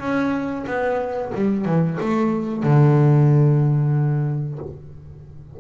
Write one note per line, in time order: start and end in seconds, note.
0.00 0.65 C#4
0.67 1.32 B3
1.34 1.65 G3
1.65 1.98 E3
2.00 2.63 A3
2.63 4.59 D3